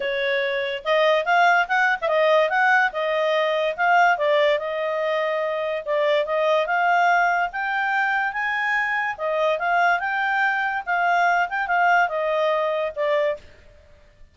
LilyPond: \new Staff \with { instrumentName = "clarinet" } { \time 4/4 \tempo 4 = 144 cis''2 dis''4 f''4 | fis''8. e''16 dis''4 fis''4 dis''4~ | dis''4 f''4 d''4 dis''4~ | dis''2 d''4 dis''4 |
f''2 g''2 | gis''2 dis''4 f''4 | g''2 f''4. g''8 | f''4 dis''2 d''4 | }